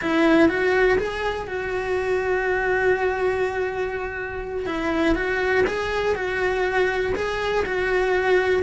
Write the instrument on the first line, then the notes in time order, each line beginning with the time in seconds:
cello
0.01 E4
0.49 F#4
0.98 G#4
1.47 F#4
4.65 E4
5.15 F#4
5.66 G#4
6.15 F#4
7.15 G#4
7.65 F#4